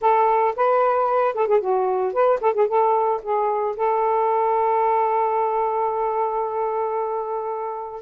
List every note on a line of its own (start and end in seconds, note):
0.01 0.54 A4
0.56 1.34 B4
1.34 1.47 A4
1.47 1.60 G#4
1.60 2.13 F#4
2.13 2.39 B4
2.40 2.54 A4
2.54 2.67 G#4
2.67 3.21 A4
3.22 3.76 G#4
3.76 8.01 A4